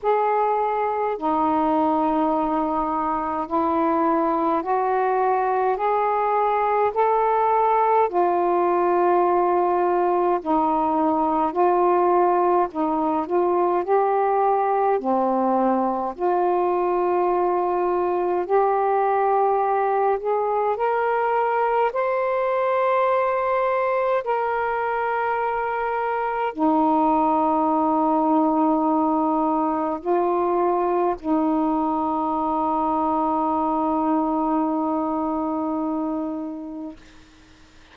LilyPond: \new Staff \with { instrumentName = "saxophone" } { \time 4/4 \tempo 4 = 52 gis'4 dis'2 e'4 | fis'4 gis'4 a'4 f'4~ | f'4 dis'4 f'4 dis'8 f'8 | g'4 c'4 f'2 |
g'4. gis'8 ais'4 c''4~ | c''4 ais'2 dis'4~ | dis'2 f'4 dis'4~ | dis'1 | }